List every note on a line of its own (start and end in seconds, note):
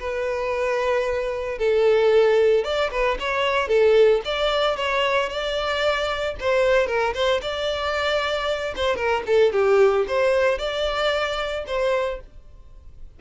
0.00 1.59 B4
1.59 2.64 A4
2.64 2.91 D5
2.91 3.18 B4
3.20 3.68 C#5
3.68 4.21 A4
4.25 4.77 D5
4.77 5.30 C#5
5.30 6.36 D5
6.40 6.87 C5
6.87 7.14 A#4
7.14 7.41 C5
7.42 8.75 D5
8.76 8.96 C5
8.96 9.23 A#4
9.27 9.53 A4
9.53 10.06 G4
10.08 10.59 C5
10.59 11.65 D5
11.67 12.20 C5